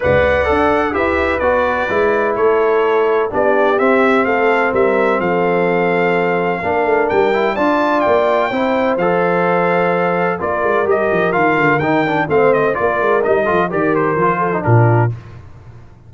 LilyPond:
<<
  \new Staff \with { instrumentName = "trumpet" } { \time 4/4 \tempo 4 = 127 fis''2 e''4 d''4~ | d''4 cis''2 d''4 | e''4 f''4 e''4 f''4~ | f''2. g''4 |
a''4 g''2 f''4~ | f''2 d''4 dis''4 | f''4 g''4 f''8 dis''8 d''4 | dis''4 d''8 c''4. ais'4 | }
  \new Staff \with { instrumentName = "horn" } { \time 4/4 d''2 b'2~ | b'4 a'2 g'4~ | g'4 a'4 ais'4 a'4~ | a'2 ais'2 |
d''2 c''2~ | c''2 ais'2~ | ais'2 c''4 ais'4~ | ais'8 a'8 ais'4. a'8 f'4 | }
  \new Staff \with { instrumentName = "trombone" } { \time 4/4 b'4 a'4 g'4 fis'4 | e'2. d'4 | c'1~ | c'2 d'4. e'8 |
f'2 e'4 a'4~ | a'2 f'4 g'4 | f'4 dis'8 d'8 c'4 f'4 | dis'8 f'8 g'4 f'8. dis'16 d'4 | }
  \new Staff \with { instrumentName = "tuba" } { \time 4/4 cis,4 d'4 e'4 b4 | gis4 a2 b4 | c'4 a4 g4 f4~ | f2 ais8 a8 g4 |
d'4 ais4 c'4 f4~ | f2 ais8 gis8 g8 f8 | dis8 d8 dis4 a4 ais8 gis8 | g8 f8 dis4 f4 ais,4 | }
>>